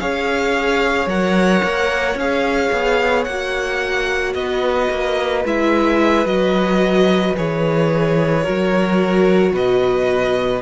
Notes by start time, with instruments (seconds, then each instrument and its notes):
0.00 cello C#4, viola G#4, violin C#5 F5
1.07 cello F#3, viola A#4, violin F#5
1.64 cello A#3
2.16 cello C#4, viola G#4, violin F5
2.73 cello B3
3.25 cello A#3, viola F#4, violin F#5
4.35 cello B3, violin B4 D#5
4.91 cello A#3
5.45 cello G#3, viola E4, violin E5
6.26 cello F#3, viola F#4, violin D#5
7.37 cello E3, viola G#4, violin C#5
8.44 cello F#3, viola F#4, violin A#4
9.53 cello B2, violin B4 D#5